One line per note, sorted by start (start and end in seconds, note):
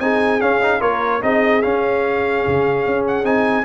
0.00 0.41 C4
0.00 0.41 D#4
0.00 0.81 G#4
0.00 0.41 G#5
0.41 0.61 C#4
0.41 0.81 C#4
0.41 0.81 F5
0.62 0.80 D#4
0.80 1.22 A#3
0.80 1.21 F4
0.80 1.21 A#4
0.80 1.22 C#5
1.21 1.64 C4
1.21 1.62 D#4
1.21 3.65 G#4
1.21 1.62 D#5
1.62 3.24 C#4
1.62 2.46 C#4
1.62 3.05 F5
2.47 2.86 C#3
2.86 3.24 C#4
3.07 3.25 F#5
3.24 3.65 C4
3.24 3.65 D#4
3.24 3.65 G#5